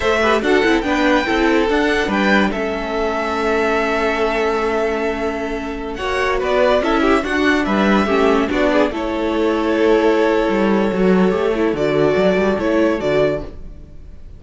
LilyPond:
<<
  \new Staff \with { instrumentName = "violin" } { \time 4/4 \tempo 4 = 143 e''4 fis''4 g''2 | fis''4 g''4 e''2~ | e''1~ | e''2~ e''16 fis''4 d''8.~ |
d''16 e''4 fis''4 e''4.~ e''16~ | e''16 d''4 cis''2~ cis''8.~ | cis''1 | d''2 cis''4 d''4 | }
  \new Staff \with { instrumentName = "violin" } { \time 4/4 c''8 b'8 a'4 b'4 a'4~ | a'4 b'4 a'2~ | a'1~ | a'2~ a'16 cis''4 b'8.~ |
b'16 a'8 g'8 fis'4 b'4 g'8.~ | g'16 fis'8 gis'8 a'2~ a'8.~ | a'1~ | a'1 | }
  \new Staff \with { instrumentName = "viola" } { \time 4/4 a'8 g'8 fis'8 e'8 d'4 e'4 | d'2 cis'2~ | cis'1~ | cis'2~ cis'16 fis'4.~ fis'16~ |
fis'16 e'4 d'2 cis'8.~ | cis'16 d'4 e'2~ e'8.~ | e'2 fis'4 g'8 e'8 | fis'2 e'4 fis'4 | }
  \new Staff \with { instrumentName = "cello" } { \time 4/4 a4 d'8 c'8 b4 c'4 | d'4 g4 a2~ | a1~ | a2~ a16 ais4 b8.~ |
b16 cis'4 d'4 g4 a8.~ | a16 b4 a2~ a8.~ | a4 g4 fis4 a4 | d4 fis8 g8 a4 d4 | }
>>